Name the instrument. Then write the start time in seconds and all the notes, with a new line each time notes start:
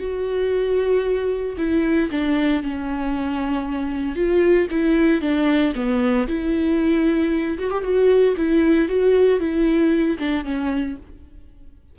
viola
0.00 F#4
1.58 E4
2.11 D4
2.63 C#4
4.16 F4
4.71 E4
5.22 D4
5.76 B3
6.28 E4
7.59 F#4
7.71 G4
7.83 F#4
8.37 E4
8.89 F#4
9.40 E4
10.19 D4
10.45 C#4